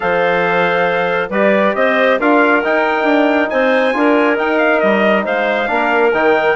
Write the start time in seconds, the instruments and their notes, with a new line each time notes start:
0.00 bassoon F3, trombone A4, clarinet C5, trumpet F5
1.29 bassoon G3, trombone G4, clarinet B4, trumpet D5
1.75 bassoon C4, clarinet C5, trumpet D#5
2.19 bassoon D4, trombone F4, clarinet A#4, trumpet F5
2.63 trombone D#4, bassoon D#4, trumpet G5
3.03 bassoon D4
3.49 bassoon C4, clarinet C5, trumpet G#5
3.93 bassoon D4, trombone F4, clarinet A#4
4.35 trombone D#4, bassoon D#4, trumpet G5
4.58 trumpet F5
4.80 bassoon G3, trumpet D#5
5.24 bassoon G#3, clarinet C5, trumpet F5
5.67 bassoon A#3, trombone D4, clarinet A#4
6.12 bassoon D#3, trombone D#4, trumpet G5